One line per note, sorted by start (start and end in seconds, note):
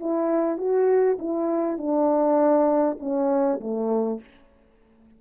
0.00 0.58 E4
0.58 1.18 F#4
1.19 1.78 E4
1.78 2.98 D4
2.99 3.59 C#4
3.60 4.20 A3